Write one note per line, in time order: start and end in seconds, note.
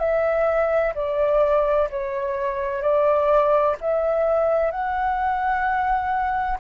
0.00 0.94 E5
0.95 1.89 D5
1.90 2.83 C#5
2.83 3.76 D5
3.81 4.71 E5
4.71 6.59 F#5